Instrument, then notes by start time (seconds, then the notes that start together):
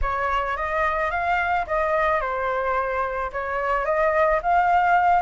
flute
0.02 C#5
0.57 D#5
1.10 F5
1.66 D#5
2.20 C5
3.32 C#5
3.85 D#5
4.42 F5